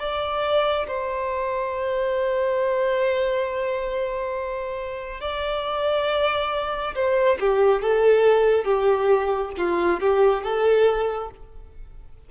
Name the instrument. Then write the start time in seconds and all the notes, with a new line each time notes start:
violin
0.00 D5
0.88 C5
5.21 D5
6.95 C5
7.40 G4
7.82 A4
8.65 G4
9.58 F4
10.01 G4
10.44 A4